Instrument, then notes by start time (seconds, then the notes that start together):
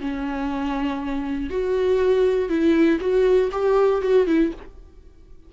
viola
0.00 C#4
1.50 F#4
2.49 E4
3.00 F#4
3.52 G4
4.01 F#4
4.26 E4